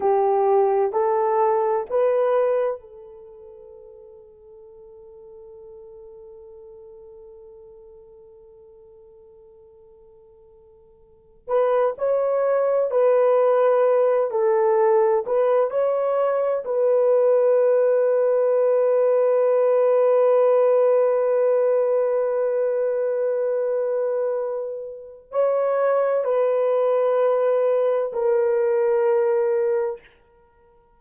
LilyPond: \new Staff \with { instrumentName = "horn" } { \time 4/4 \tempo 4 = 64 g'4 a'4 b'4 a'4~ | a'1~ | a'1~ | a'16 b'8 cis''4 b'4. a'8.~ |
a'16 b'8 cis''4 b'2~ b'16~ | b'1~ | b'2. cis''4 | b'2 ais'2 | }